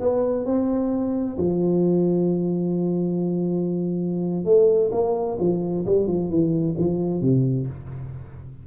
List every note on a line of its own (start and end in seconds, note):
0.00 0.45 B3
0.45 1.37 C4
1.37 4.44 F3
4.44 4.90 A3
4.92 5.38 A#3
5.39 5.85 F3
5.86 6.06 G3
6.06 6.29 F3
6.29 6.75 E3
6.78 7.21 F3
7.21 7.67 C3